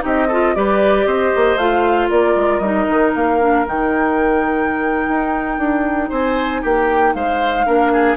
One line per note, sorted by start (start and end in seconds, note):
0.00 0.55 C4
0.00 0.26 D#4
0.00 0.27 G4
0.00 0.54 D#5
0.27 0.55 F4
0.27 0.53 A4
0.54 1.05 G3
0.54 1.58 G4
0.54 1.06 B4
0.54 1.06 D5
1.05 1.31 C4
1.05 2.09 C5
1.05 1.57 D#5
1.35 1.56 A#3
1.56 2.08 A3
1.56 2.62 F4
1.56 2.09 F5
2.09 2.35 A#3
2.09 6.09 A#4
2.09 2.58 D5
2.35 2.59 G#3
2.58 2.85 G3
2.58 3.40 D#4
2.58 3.10 D#5
2.89 3.14 D#3
3.14 3.66 A#3
3.14 3.66 F5
3.40 3.65 D4
3.65 5.08 D#3
3.65 7.66 D#4
3.65 6.11 G5
5.08 5.58 D#4
5.58 6.09 D4
6.09 6.63 C4
6.09 6.61 C5
6.09 6.62 G#5
6.62 7.14 A#3
6.62 7.13 G4
6.62 7.14 G5
7.14 7.66 G#3
7.14 7.65 C5
7.14 8.16 F5
7.65 8.16 A#3
7.65 8.16 D4
7.65 7.91 A#4
7.92 8.16 G#4